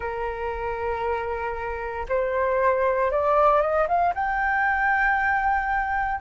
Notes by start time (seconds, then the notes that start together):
0.00 A#4
2.08 C5
3.11 D5
3.61 D#5
3.87 F5
4.14 G5